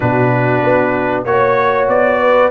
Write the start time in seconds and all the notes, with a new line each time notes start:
0.00 B2 D4 F#4 B4
0.62 B3
1.24 A#3 F#4 C#5
1.88 B3 D5
2.20 B4